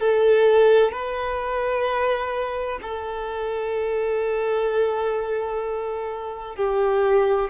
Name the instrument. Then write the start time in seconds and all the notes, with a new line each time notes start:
violin
0.00 A4
0.92 B4
2.82 A4
6.56 G4